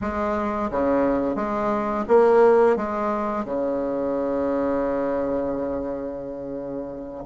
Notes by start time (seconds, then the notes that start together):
0.01 G#3
0.71 C#3
1.35 G#3
2.08 A#3
2.76 G#3
3.44 C#3